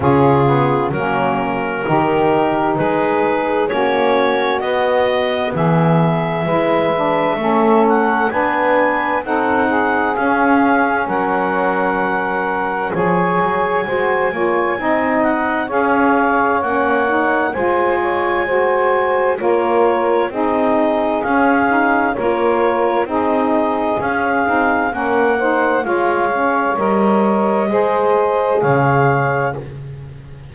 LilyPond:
<<
  \new Staff \with { instrumentName = "clarinet" } { \time 4/4 \tempo 4 = 65 gis'4 ais'2 b'4 | cis''4 dis''4 e''2~ | e''8 fis''8 gis''4 fis''4 f''4 | fis''2 gis''2~ |
gis''8 fis''8 f''4 fis''4 gis''4~ | gis''4 cis''4 dis''4 f''4 | cis''4 dis''4 f''4 fis''4 | f''4 dis''2 f''4 | }
  \new Staff \with { instrumentName = "saxophone" } { \time 4/4 f'4 cis'4 g'4 gis'4 | fis'2 gis'4 b'4 | a'4 b'4 a'8 gis'4. | ais'2 cis''4 c''8 cis''8 |
dis''4 cis''2 c''8 cis''8 | c''4 ais'4 gis'2 | ais'4 gis'2 ais'8 c''8 | cis''2 c''4 cis''4 | }
  \new Staff \with { instrumentName = "saxophone" } { \time 4/4 cis'8 b8 ais4 dis'2 | cis'4 b2 e'8 d'8 | cis'4 d'4 dis'4 cis'4~ | cis'2 gis'4 fis'8 f'8 |
dis'4 gis'4 cis'8 dis'8 f'4 | fis'4 f'4 dis'4 cis'8 dis'8 | f'4 dis'4 cis'8 dis'8 cis'8 dis'8 | f'8 cis'8 ais'4 gis'2 | }
  \new Staff \with { instrumentName = "double bass" } { \time 4/4 cis4 fis4 dis4 gis4 | ais4 b4 e4 gis4 | a4 b4 c'4 cis'4 | fis2 f8 fis8 gis8 ais8 |
c'4 cis'4 ais4 gis4~ | gis4 ais4 c'4 cis'4 | ais4 c'4 cis'8 c'8 ais4 | gis4 g4 gis4 cis4 | }
>>